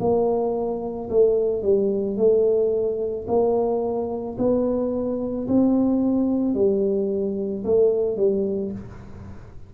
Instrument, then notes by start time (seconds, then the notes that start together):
tuba
0.00 A#3
1.10 A3
1.62 G3
2.17 A3
3.28 A#3
4.38 B3
5.47 C4
6.55 G3
7.64 A3
8.17 G3